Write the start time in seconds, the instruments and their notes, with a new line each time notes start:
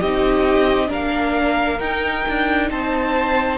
0.00 cello C4, viola D#4, violin G4 D#5
0.87 cello A#3, viola D4, violin A#4 F5
1.80 cello D#4, viola D#4, violin G5
2.28 cello D4
2.71 cello C4, violin C5 A5